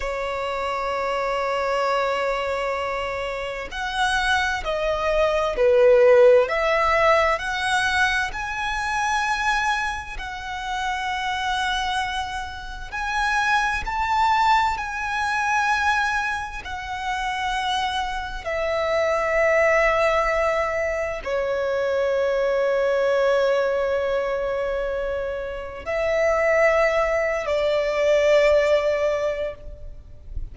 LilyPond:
\new Staff \with { instrumentName = "violin" } { \time 4/4 \tempo 4 = 65 cis''1 | fis''4 dis''4 b'4 e''4 | fis''4 gis''2 fis''4~ | fis''2 gis''4 a''4 |
gis''2 fis''2 | e''2. cis''4~ | cis''1 | e''4.~ e''16 d''2~ d''16 | }